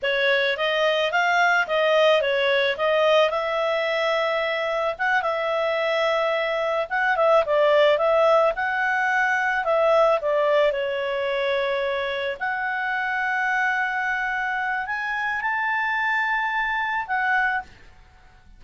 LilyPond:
\new Staff \with { instrumentName = "clarinet" } { \time 4/4 \tempo 4 = 109 cis''4 dis''4 f''4 dis''4 | cis''4 dis''4 e''2~ | e''4 fis''8 e''2~ e''8~ | e''8 fis''8 e''8 d''4 e''4 fis''8~ |
fis''4. e''4 d''4 cis''8~ | cis''2~ cis''8 fis''4.~ | fis''2. gis''4 | a''2. fis''4 | }